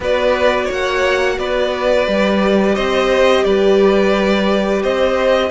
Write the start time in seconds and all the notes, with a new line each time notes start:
0.00 B3 F#4 B4 D5
0.65 A#3 C#5
0.71 F#5
1.38 B3 B4 D5
2.06 G3 G4
2.75 C4 C5 D#5
3.44 G3 B4 D5
4.82 C4 C5 D#5